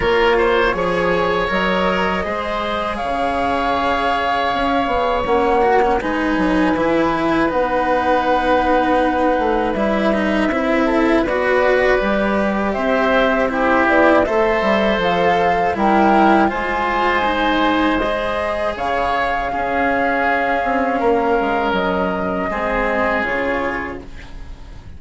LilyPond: <<
  \new Staff \with { instrumentName = "flute" } { \time 4/4 \tempo 4 = 80 cis''2 dis''2 | f''2. fis''4 | gis''2 fis''2~ | fis''4 e''2 d''4~ |
d''4 e''4 c''8 d''8 e''4 | f''4 g''4 gis''2 | dis''4 f''2.~ | f''4 dis''2 cis''4 | }
  \new Staff \with { instrumentName = "oboe" } { \time 4/4 ais'8 c''8 cis''2 c''4 | cis''1 | b'1~ | b'2~ b'8 a'8 b'4~ |
b'4 c''4 g'4 c''4~ | c''4 ais'4 c''2~ | c''4 cis''4 gis'2 | ais'2 gis'2 | }
  \new Staff \with { instrumentName = "cello" } { \time 4/4 f'4 gis'4 ais'4 gis'4~ | gis'2. cis'8 fis'16 cis'16 | dis'4 e'4 dis'2~ | dis'4 e'8 dis'8 e'4 fis'4 |
g'2 e'4 a'4~ | a'4 e'4 f'4 dis'4 | gis'2 cis'2~ | cis'2 c'4 f'4 | }
  \new Staff \with { instrumentName = "bassoon" } { \time 4/4 ais4 f4 fis4 gis4 | cis2 cis'8 b8 ais4 | gis8 fis8 e4 b2~ | b8 a8 g4 c'4 b4 |
g4 c'4. b8 a8 g8 | f4 g4 gis2~ | gis4 cis4 cis'4. c'8 | ais8 gis8 fis4 gis4 cis4 | }
>>